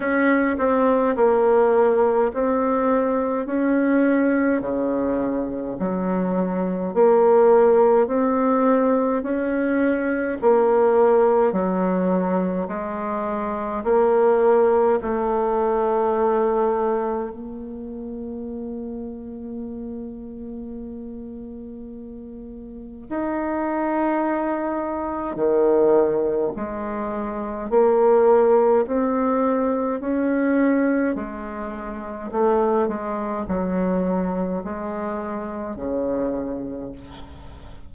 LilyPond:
\new Staff \with { instrumentName = "bassoon" } { \time 4/4 \tempo 4 = 52 cis'8 c'8 ais4 c'4 cis'4 | cis4 fis4 ais4 c'4 | cis'4 ais4 fis4 gis4 | ais4 a2 ais4~ |
ais1 | dis'2 dis4 gis4 | ais4 c'4 cis'4 gis4 | a8 gis8 fis4 gis4 cis4 | }